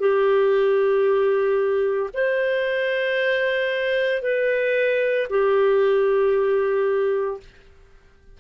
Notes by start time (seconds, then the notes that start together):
0.00 G4
2.14 C5
4.22 B4
5.30 G4